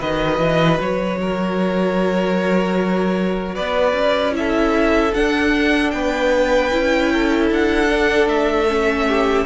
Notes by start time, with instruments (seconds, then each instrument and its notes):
0.00 cello D#3, viola F#4, violin B4 D#5
0.39 cello E3
0.81 cello F#3, violin C#5
1.22 violin A#4
3.55 cello B3, violin B4 D5
3.93 cello C#4
4.33 viola E4, violin A4 E5
5.14 viola D4, cello D4, violin F#5
5.91 cello B3, violin B4 G5
6.72 cello C#4, viola E4
7.13 violin A4
7.51 cello D4, violin F#5
7.89 viola D4
8.27 cello A3, violin E5
8.69 viola C#4
9.08 violin G4